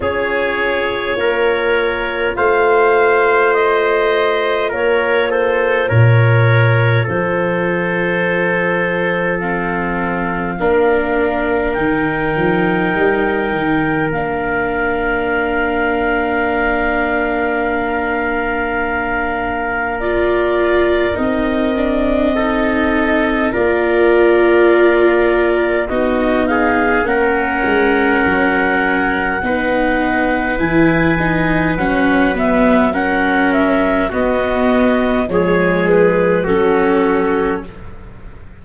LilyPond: <<
  \new Staff \with { instrumentName = "clarinet" } { \time 4/4 \tempo 4 = 51 cis''2 f''4 dis''4 | cis''8 c''8 cis''4 c''2 | f''2 g''2 | f''1~ |
f''4 d''4 dis''2 | d''2 dis''8 f''8 fis''4~ | fis''2 gis''4 fis''8 e''8 | fis''8 e''8 dis''4 cis''8 b'8 a'4 | }
  \new Staff \with { instrumentName = "trumpet" } { \time 4/4 gis'4 ais'4 c''2 | ais'8 a'8 ais'4 a'2~ | a'4 ais'2.~ | ais'1~ |
ais'2. a'4 | ais'2 fis'8 gis'8 ais'4~ | ais'4 b'2. | ais'4 fis'4 gis'4 fis'4 | }
  \new Staff \with { instrumentName = "viola" } { \time 4/4 f'1~ | f'1 | c'4 d'4 dis'2 | d'1~ |
d'4 f'4 dis'8 d'8 dis'4 | f'2 dis'4 cis'4~ | cis'4 dis'4 e'8 dis'8 cis'8 b8 | cis'4 b4 gis4 cis'4 | }
  \new Staff \with { instrumentName = "tuba" } { \time 4/4 cis'4 ais4 a2 | ais4 ais,4 f2~ | f4 ais4 dis8 f8 g8 dis8 | ais1~ |
ais2 c'2 | ais2 b4 ais8 gis8 | fis4 b4 e4 fis4~ | fis4 b4 f4 fis4 | }
>>